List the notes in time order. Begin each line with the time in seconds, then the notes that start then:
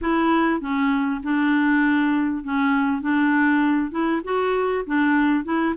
0.01 E4
0.60 C#4
1.23 D4
2.44 C#4
3.01 D4
3.91 E4
4.24 F#4
4.86 D4
5.44 E4